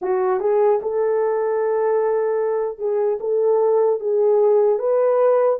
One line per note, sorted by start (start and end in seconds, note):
0.01 0.40 F#4
0.40 0.80 G#4
0.81 2.78 A4
2.78 3.18 G#4
3.20 4.00 A4
4.00 4.78 G#4
4.78 5.58 B4